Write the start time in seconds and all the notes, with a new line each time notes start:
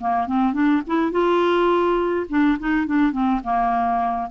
0.00 A#3
0.26 C4
0.53 D4
0.86 E4
1.11 F4
2.29 D4
2.59 D#4
2.86 D4
3.12 C4
3.43 A#3